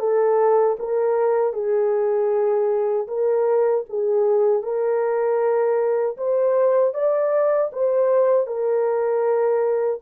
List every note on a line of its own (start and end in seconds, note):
0.00 0.77 A4
0.79 1.54 A#4
1.54 3.08 G#4
3.08 3.85 A#4
3.90 4.63 G#4
4.63 6.17 A#4
6.17 6.94 C5
6.94 7.71 D5
7.73 8.47 C5
8.47 10.01 A#4